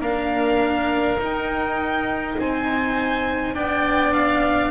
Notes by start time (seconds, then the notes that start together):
0.00 A#3 D4 A#4 F5
1.19 D#4 G5
2.38 C4 C5 G#5
3.55 B3 D4 D5 G5
4.13 F5